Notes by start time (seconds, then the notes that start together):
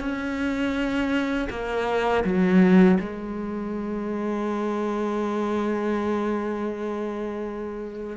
0.00 C#4
1.50 A#3
2.25 F#3
3.00 G#3